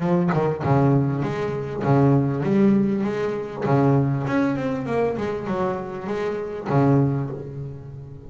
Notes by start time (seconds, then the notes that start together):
0.00 F3
0.33 D#3
0.63 C#3
1.23 G#3
1.84 C#3
2.43 G3
3.04 G#3
3.65 C#3
4.27 C#4
4.56 C4
4.87 A#3
5.18 G#3
5.47 F#3
6.07 G#3
6.70 C#3